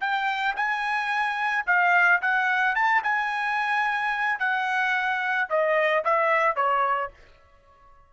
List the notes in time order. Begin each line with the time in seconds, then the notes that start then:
0.00 G5
0.56 G#5
1.66 F5
2.21 F#5
2.75 A5
3.03 G#5
4.39 F#5
5.49 D#5
6.04 E5
6.56 C#5